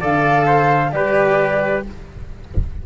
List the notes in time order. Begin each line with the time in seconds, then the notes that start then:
0.00 D3 A4 D5 F5
0.47 C5
0.91 G3 G4 B4 D5